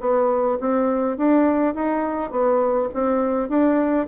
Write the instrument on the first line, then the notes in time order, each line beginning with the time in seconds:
bassoon
0.00 B3
0.60 C4
1.17 D4
1.74 D#4
2.31 B3
2.93 C4
3.49 D4